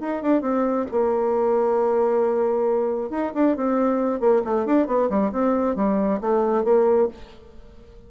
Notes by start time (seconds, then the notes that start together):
0.00 D#4
0.22 D4
0.42 C4
0.91 A#3
3.10 D#4
3.34 D4
3.56 C4
4.20 A#3
4.45 A3
4.65 D4
4.87 B3
5.10 G3
5.32 C4
5.76 G3
6.21 A3
6.64 A#3